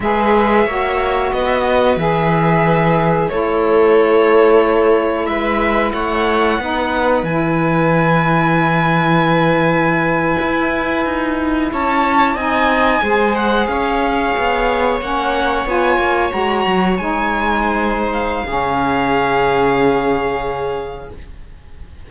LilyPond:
<<
  \new Staff \with { instrumentName = "violin" } { \time 4/4 \tempo 4 = 91 e''2 dis''4 e''4~ | e''4 cis''2. | e''4 fis''2 gis''4~ | gis''1~ |
gis''4.~ gis''16 a''4 gis''4~ gis''16~ | gis''16 fis''8 f''2 fis''4 gis''16~ | gis''8. ais''4 gis''4.~ gis''16 f''8~ | f''1 | }
  \new Staff \with { instrumentName = "viola" } { \time 4/4 b'4 cis''4 b'16 e''16 b'4.~ | b'4 a'2. | b'4 cis''4 b'2~ | b'1~ |
b'4.~ b'16 cis''4 dis''4 c''16~ | c''8. cis''2.~ cis''16~ | cis''2~ cis''8. c''4~ c''16 | gis'1 | }
  \new Staff \with { instrumentName = "saxophone" } { \time 4/4 gis'4 fis'2 gis'4~ | gis'4 e'2.~ | e'2 dis'4 e'4~ | e'1~ |
e'2~ e'8. dis'4 gis'16~ | gis'2~ gis'8. cis'4 f'16~ | f'8. fis'4 dis'2~ dis'16 | cis'1 | }
  \new Staff \with { instrumentName = "cello" } { \time 4/4 gis4 ais4 b4 e4~ | e4 a2. | gis4 a4 b4 e4~ | e2.~ e8. e'16~ |
e'8. dis'4 cis'4 c'4 gis16~ | gis8. cis'4 b4 ais4 b16~ | b16 ais8 gis8 fis8 gis2~ gis16 | cis1 | }
>>